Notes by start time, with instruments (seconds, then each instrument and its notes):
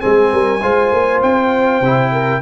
0.00 tuba G#3, trombone C4, horn G#4, trumpet G#5
0.32 tuba G3, horn A#4
0.62 tuba G#3, trombone F4, horn C5
0.92 tuba A#3
1.22 tuba C4, trumpet G5
1.80 tuba C3, trombone E4
2.12 horn A#4